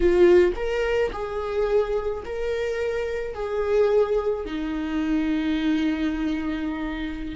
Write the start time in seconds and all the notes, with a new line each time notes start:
0.00 F4
0.56 A#4
1.12 G#4
2.25 A#4
3.34 G#4
4.45 D#4